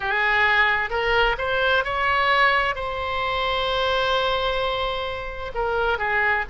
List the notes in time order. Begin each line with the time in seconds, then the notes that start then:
0.00 G#4
0.89 A#4
1.38 C5
1.84 C#5
2.75 C5
5.54 A#4
5.98 G#4